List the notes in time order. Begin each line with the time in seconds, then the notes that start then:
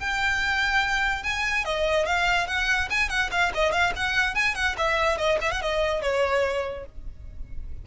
0.00 G5
1.23 G#5
1.65 D#5
2.06 F5
2.48 F#5
2.90 G#5
3.10 F#5
3.31 F5
3.55 D#5
3.72 F5
3.96 F#5
4.35 G#5
4.55 F#5
4.78 E5
5.18 D#5
5.41 E5
5.51 F#5
5.62 D#5
6.02 C#5